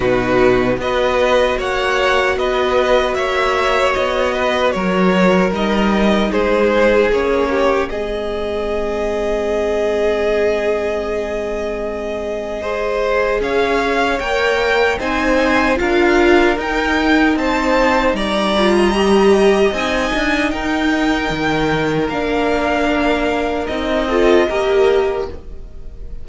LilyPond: <<
  \new Staff \with { instrumentName = "violin" } { \time 4/4 \tempo 4 = 76 b'4 dis''4 fis''4 dis''4 | e''4 dis''4 cis''4 dis''4 | c''4 cis''4 dis''2~ | dis''1~ |
dis''4 f''4 g''4 gis''4 | f''4 g''4 a''4 ais''4~ | ais''4 gis''4 g''2 | f''2 dis''2 | }
  \new Staff \with { instrumentName = "violin" } { \time 4/4 fis'4 b'4 cis''4 b'4 | cis''4. b'8 ais'2 | gis'4. g'8 gis'2~ | gis'1 |
c''4 cis''2 c''4 | ais'2 c''4 d''8. dis''16~ | dis''2 ais'2~ | ais'2~ ais'8 a'8 ais'4 | }
  \new Staff \with { instrumentName = "viola" } { \time 4/4 dis'4 fis'2.~ | fis'2. dis'4~ | dis'4 cis'4 c'2~ | c'1 |
gis'2 ais'4 dis'4 | f'4 dis'2~ dis'8 f'8 | g'4 dis'2. | d'2 dis'8 f'8 g'4 | }
  \new Staff \with { instrumentName = "cello" } { \time 4/4 b,4 b4 ais4 b4 | ais4 b4 fis4 g4 | gis4 ais4 gis2~ | gis1~ |
gis4 cis'4 ais4 c'4 | d'4 dis'4 c'4 g4~ | g4 c'8 d'8 dis'4 dis4 | ais2 c'4 ais4 | }
>>